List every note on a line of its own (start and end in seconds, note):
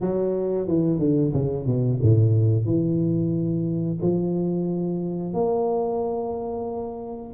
0.00 0.67 F#3
0.67 0.98 E3
0.98 1.32 D3
1.33 1.66 C#3
1.66 1.99 B2
2.02 2.65 A2
2.65 3.98 E3
4.02 5.33 F3
5.33 7.33 A#3